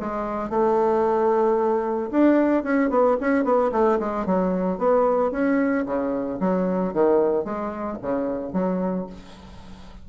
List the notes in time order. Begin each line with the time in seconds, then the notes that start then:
0.00 G#3
0.50 A3
2.11 D4
2.63 C#4
2.90 B3
3.20 C#4
3.44 B3
3.72 A3
3.99 G#3
4.26 F#3
4.78 B3
5.32 C#4
5.86 C#3
6.40 F#3
6.94 D#3
7.44 G#3
8.02 C#3
8.53 F#3